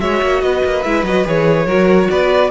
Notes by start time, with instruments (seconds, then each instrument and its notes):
0.00 cello G#3, viola F#4, violin C#5 E5
0.23 cello A#3
0.42 cello B3, violin B4 D#5
0.64 cello A#3
0.83 cello G#3, viola E4, violin E5
1.03 cello F#3, viola F#4, violin D#5
1.25 cello E3, viola G#4, violin C#5
1.67 cello F#3, viola F#4, violin A#4
2.11 cello B3, violin B4 D5